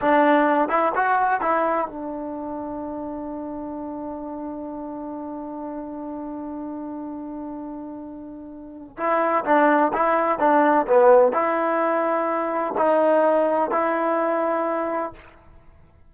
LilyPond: \new Staff \with { instrumentName = "trombone" } { \time 4/4 \tempo 4 = 127 d'4. e'8 fis'4 e'4 | d'1~ | d'1~ | d'1~ |
d'2. e'4 | d'4 e'4 d'4 b4 | e'2. dis'4~ | dis'4 e'2. | }